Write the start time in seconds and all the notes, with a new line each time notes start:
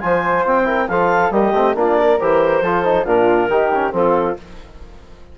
0.00 F3 F4 C5 G#5
0.45 C4 G5
0.64 E4 A#4
0.88 F3 F4 A4 F5
1.31 G3 A#3 G4 D#5
1.54 A3 C4
1.75 A#3 D4 F4 D5
1.98 A#4
2.20 E3 G4 C5
2.62 F3 F4 A4
2.84 D#4
3.05 A#2 D4 F4 A#4
3.49 D#3 D#4 G4
3.74 C#4
3.91 F3 C4 F4 A4